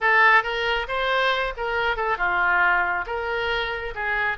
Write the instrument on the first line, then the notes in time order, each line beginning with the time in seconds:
oboe
0.00 A4
0.43 A#4
0.88 C5
1.56 A#4
1.96 A4
2.17 F4
3.06 A#4
3.95 G#4